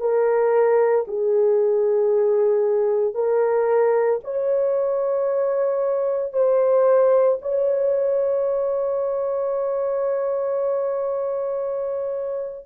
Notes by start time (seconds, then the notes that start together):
0.00 A#4
1.08 G#4
3.14 A#4
4.24 C#5
6.33 C5
7.41 C#5